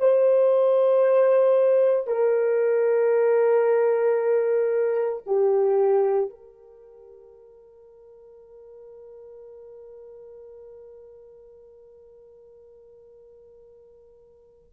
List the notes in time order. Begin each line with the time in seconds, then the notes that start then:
0.00 C5
2.08 A#4
5.27 G4
6.30 A#4